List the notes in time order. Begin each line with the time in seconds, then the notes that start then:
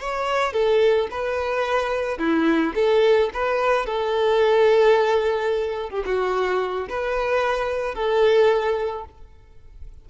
0.00 C#5
0.53 A4
1.11 B4
2.18 E4
2.75 A4
3.34 B4
3.86 A4
5.90 G4
6.05 F#4
6.89 B4
7.95 A4